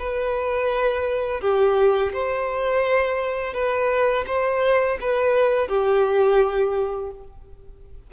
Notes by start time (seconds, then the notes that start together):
0.00 B4
1.41 G4
2.13 C5
3.54 B4
4.27 C5
5.02 B4
5.69 G4